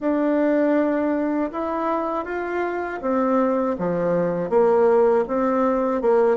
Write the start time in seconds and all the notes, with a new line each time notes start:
0.00 D4
1.51 E4
2.24 F4
3.01 C4
3.78 F3
4.49 A#3
5.27 C4
6.01 A#3